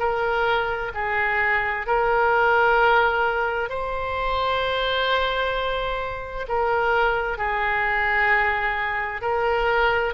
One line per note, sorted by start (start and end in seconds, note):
0.00 0.92 A#4
0.95 1.87 G#4
1.87 3.70 A#4
3.70 6.47 C5
6.49 7.38 A#4
7.38 9.22 G#4
9.22 10.14 A#4